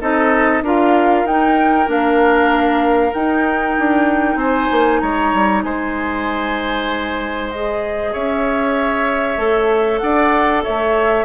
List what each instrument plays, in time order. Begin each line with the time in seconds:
0.00 bassoon C4, clarinet D#4, oboe A4, flute D#5
0.62 bassoon D4, clarinet F4, oboe A#4, flute F5
1.24 bassoon D#4, clarinet D#4, flute G5
1.86 bassoon A#3, clarinet D4, flute F5
3.13 bassoon D#4, clarinet D#4, flute G5
3.78 bassoon D4
4.35 bassoon C4, oboe C5, flute G#5
4.71 bassoon A#3
4.99 bassoon G#3, oboe C#5, flute A#5
5.33 bassoon G3
5.63 bassoon G#3, oboe C5, flute G#5
7.50 clarinet G#4, flute D#5
8.12 bassoon C#4, oboe C#5, flute E5
9.37 bassoon A3, clarinet A4
9.98 bassoon D4, oboe D5, flute F#5
10.63 bassoon A3, oboe C#5, flute E5